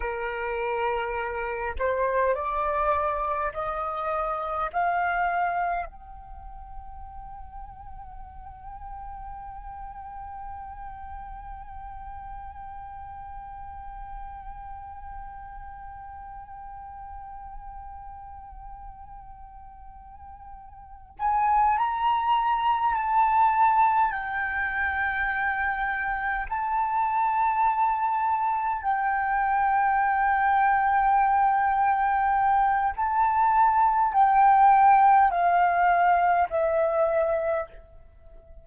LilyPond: \new Staff \with { instrumentName = "flute" } { \time 4/4 \tempo 4 = 51 ais'4. c''8 d''4 dis''4 | f''4 g''2.~ | g''1~ | g''1~ |
g''2 gis''8 ais''4 a''8~ | a''8 g''2 a''4.~ | a''8 g''2.~ g''8 | a''4 g''4 f''4 e''4 | }